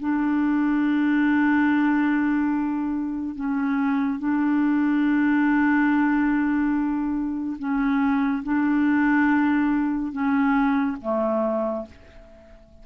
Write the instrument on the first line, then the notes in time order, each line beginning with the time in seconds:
clarinet
0.00 D4
3.35 C#4
4.19 D4
7.59 C#4
8.44 D4
10.12 C#4
11.01 A3